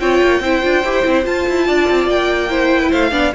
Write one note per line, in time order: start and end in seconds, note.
0.00 0.21 C4
0.00 0.42 F4
0.00 0.42 C#5
0.00 1.25 G5
0.23 0.40 A#3
0.40 0.61 C4
0.40 0.62 E4
0.40 1.67 C5
0.62 0.84 D4
0.62 0.83 F4
0.84 1.05 E4
0.84 1.04 G4
1.04 1.26 C4
1.04 1.24 E4
1.24 2.49 F4
1.24 1.48 F4
1.24 2.09 A5
1.48 1.69 E4
1.67 1.89 D4
1.67 2.50 D5
1.90 2.07 C4
2.07 2.91 A#3
2.07 2.92 G5
2.49 3.12 E4
2.49 2.81 C5
2.81 2.90 B4
2.90 3.12 A3
2.90 3.11 C5
2.90 3.34 F5
3.11 3.33 B3
3.11 3.33 D4
3.11 3.32 D5